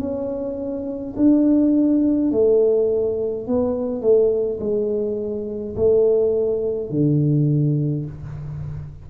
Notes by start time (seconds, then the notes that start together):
0.00 C#4
1.16 D4
2.32 A3
3.47 B3
4.02 A3
4.60 G#3
5.76 A3
6.91 D3